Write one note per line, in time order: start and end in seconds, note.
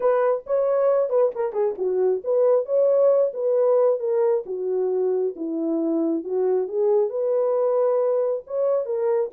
0.00 0.43 B4
0.46 1.09 C#5
1.09 1.31 B4
1.35 1.53 A#4
1.53 1.75 G#4
1.78 2.22 F#4
2.24 2.65 B4
2.65 3.32 C#5
3.33 3.99 B4
3.99 4.44 A#4
4.45 5.34 F#4
5.36 6.24 E4
6.24 6.68 F#4
6.68 7.09 G#4
7.09 8.42 B4
8.46 8.85 C#5
8.85 9.29 A#4